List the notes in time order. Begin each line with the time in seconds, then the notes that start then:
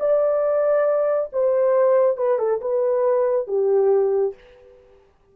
0.00 D5
1.33 C5
2.17 B4
2.39 A4
2.61 B4
3.47 G4